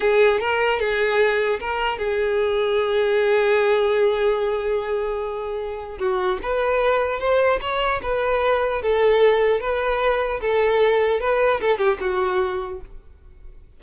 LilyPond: \new Staff \with { instrumentName = "violin" } { \time 4/4 \tempo 4 = 150 gis'4 ais'4 gis'2 | ais'4 gis'2.~ | gis'1~ | gis'2. fis'4 |
b'2 c''4 cis''4 | b'2 a'2 | b'2 a'2 | b'4 a'8 g'8 fis'2 | }